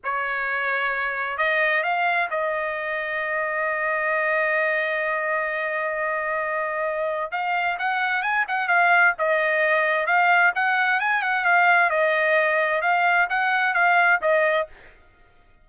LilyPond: \new Staff \with { instrumentName = "trumpet" } { \time 4/4 \tempo 4 = 131 cis''2. dis''4 | f''4 dis''2.~ | dis''1~ | dis''1 |
f''4 fis''4 gis''8 fis''8 f''4 | dis''2 f''4 fis''4 | gis''8 fis''8 f''4 dis''2 | f''4 fis''4 f''4 dis''4 | }